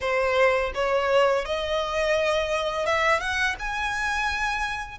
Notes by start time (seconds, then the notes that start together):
0.01 C5
0.74 C#5
1.45 D#5
2.86 E5
3.19 F#5
3.59 G#5